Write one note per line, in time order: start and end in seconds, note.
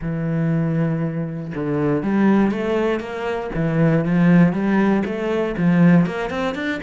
0.01 1.52 E3
1.54 2.03 D3
2.03 2.51 G3
2.51 3.00 A3
3.00 3.50 A#3
3.54 4.05 E3
4.05 4.52 F3
4.52 5.03 G3
5.05 5.55 A3
5.57 6.05 F3
6.05 6.30 A#3
6.30 6.54 C4
6.54 6.80 D4